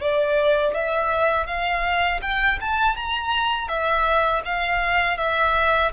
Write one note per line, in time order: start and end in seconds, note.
0.00 0.74 D5
0.74 1.46 E5
1.46 2.21 F5
2.22 2.59 G5
2.60 2.96 A5
2.96 3.68 A#5
3.68 4.42 E5
4.44 5.17 F5
5.17 5.91 E5